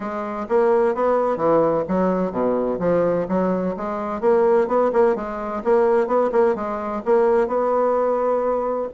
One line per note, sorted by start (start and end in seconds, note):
0.00 0.47 G#3
0.49 0.94 A#3
0.94 1.37 B3
1.37 1.83 E3
1.87 2.31 F#3
2.31 2.78 B2
2.79 3.26 F3
3.28 3.75 F#3
3.76 4.21 G#3
4.21 4.67 A#3
4.67 4.91 B3
4.92 5.15 A#3
5.15 5.62 G#3
5.64 6.07 A#3
6.07 6.30 B3
6.32 6.55 A#3
6.55 7.02 G#3
7.05 7.47 A#3
7.47 8.88 B3